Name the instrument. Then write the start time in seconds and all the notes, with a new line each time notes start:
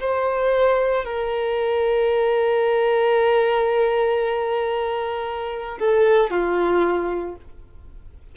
violin
0.00 C5
1.05 A#4
5.79 A4
6.30 F4